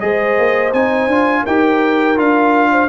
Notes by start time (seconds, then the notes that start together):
0.00 G#3 G#4 C5 D#5
0.39 A#3
0.73 C4 D#4 G#5
1.07 D4 F4
1.44 D#4 G4 A#4 G5
2.16 D4 F4 F5
2.72 C5